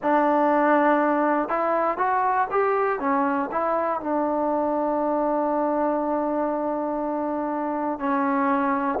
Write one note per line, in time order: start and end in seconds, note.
0.02 1.49 D4
1.49 1.97 E4
1.97 2.47 F#4
2.50 3.00 G4
3.00 3.50 C#4
3.51 4.00 E4
4.00 7.99 D4
7.99 8.99 C#4